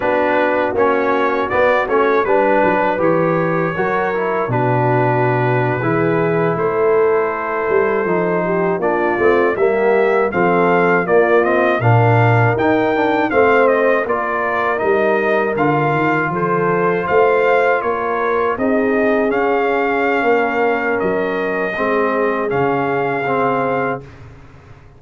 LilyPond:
<<
  \new Staff \with { instrumentName = "trumpet" } { \time 4/4 \tempo 4 = 80 b'4 cis''4 d''8 cis''8 b'4 | cis''2 b'2~ | b'8. c''2. d''16~ | d''8. e''4 f''4 d''8 dis''8 f''16~ |
f''8. g''4 f''8 dis''8 d''4 dis''16~ | dis''8. f''4 c''4 f''4 cis''16~ | cis''8. dis''4 f''2~ f''16 | dis''2 f''2 | }
  \new Staff \with { instrumentName = "horn" } { \time 4/4 fis'2. b'4~ | b'4 ais'4 fis'4.~ fis'16 gis'16~ | gis'8. a'2~ a'8 g'8 f'16~ | f'8. g'4 a'4 f'4 ais'16~ |
ais'4.~ ais'16 c''4 ais'4~ ais'16~ | ais'4.~ ais'16 a'4 c''4 ais'16~ | ais'8. gis'2~ gis'16 ais'4~ | ais'4 gis'2. | }
  \new Staff \with { instrumentName = "trombone" } { \time 4/4 d'4 cis'4 b8 cis'8 d'4 | g'4 fis'8 e'8 d'4.~ d'16 e'16~ | e'2~ e'8. dis'4 d'16~ | d'16 c'8 ais4 c'4 ais8 c'8 d'16~ |
d'8. dis'8 d'8 c'4 f'4 dis'16~ | dis'8. f'2.~ f'16~ | f'8. dis'4 cis'2~ cis'16~ | cis'4 c'4 cis'4 c'4 | }
  \new Staff \with { instrumentName = "tuba" } { \time 4/4 b4 ais4 b8 a8 g8 fis8 | e4 fis4 b,4.~ b,16 e16~ | e8. a4. g8 f4 ais16~ | ais16 a8 g4 f4 ais4 ais,16~ |
ais,8. dis'4 a4 ais4 g16~ | g8. d8 dis8 f4 a4 ais16~ | ais8. c'4 cis'4~ cis'16 ais4 | fis4 gis4 cis2 | }
>>